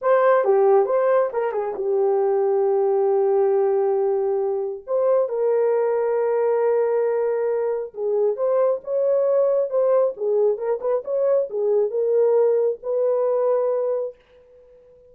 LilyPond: \new Staff \with { instrumentName = "horn" } { \time 4/4 \tempo 4 = 136 c''4 g'4 c''4 ais'8 gis'8 | g'1~ | g'2. c''4 | ais'1~ |
ais'2 gis'4 c''4 | cis''2 c''4 gis'4 | ais'8 b'8 cis''4 gis'4 ais'4~ | ais'4 b'2. | }